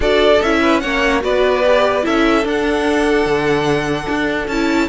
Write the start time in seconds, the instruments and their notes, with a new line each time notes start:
0.00 cello D4, viola F#4, violin A4 D5
0.41 cello C#4, viola E4, violin E5
0.61 violin B4
0.80 cello A#3, viola C#4, violin C#5 F#5
1.20 cello B3, viola F#4, violin B4 D5
1.65 viola G4
2.02 cello C#4, viola E4, violin A4 E5
2.44 cello D4, viola D4, violin F#5
3.25 cello D3
4.09 cello D4
4.47 cello C#4, viola E4, violin A5